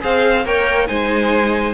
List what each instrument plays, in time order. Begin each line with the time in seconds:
0.00 cello C4, viola G#4, violin C5 F5
0.45 cello A#3, viola A#4, violin C#5 G5
0.87 cello G#3, viola D#4, violin C5 G#5